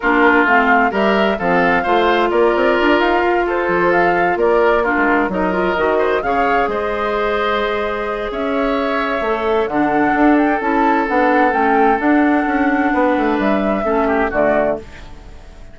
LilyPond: <<
  \new Staff \with { instrumentName = "flute" } { \time 4/4 \tempo 4 = 130 ais'4 f''4 e''4 f''4~ | f''4 d''4. f''4 c''8~ | c''8 f''4 d''4 ais'4 dis''8~ | dis''4. f''4 dis''4.~ |
dis''2 e''2~ | e''4 fis''4. g''8 a''4 | fis''4 g''4 fis''2~ | fis''4 e''2 d''4 | }
  \new Staff \with { instrumentName = "oboe" } { \time 4/4 f'2 ais'4 a'4 | c''4 ais'2~ ais'8 a'8~ | a'4. ais'4 f'4 ais'8~ | ais'4 c''8 cis''4 c''4.~ |
c''2 cis''2~ | cis''4 a'2.~ | a'1 | b'2 a'8 g'8 fis'4 | }
  \new Staff \with { instrumentName = "clarinet" } { \time 4/4 d'4 c'4 g'4 c'4 | f'1~ | f'2~ f'8 d'4 dis'8 | f'8 fis'4 gis'2~ gis'8~ |
gis'1 | a'4 d'2 e'4 | d'4 cis'4 d'2~ | d'2 cis'4 a4 | }
  \new Staff \with { instrumentName = "bassoon" } { \time 4/4 ais4 a4 g4 f4 | a4 ais8 c'8 d'8 dis'8 f'4 | f4. ais4~ ais16 gis8. fis8~ | fis8 dis4 cis4 gis4.~ |
gis2 cis'2 | a4 d4 d'4 cis'4 | b4 a4 d'4 cis'4 | b8 a8 g4 a4 d4 | }
>>